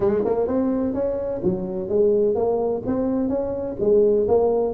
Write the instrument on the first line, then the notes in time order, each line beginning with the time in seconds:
tuba
0.00 G#3
0.24 A#3
0.47 C4
0.94 C#4
1.43 F#3
1.88 G#3
2.35 A#3
2.85 C4
3.28 C#4
3.80 G#3
4.28 A#3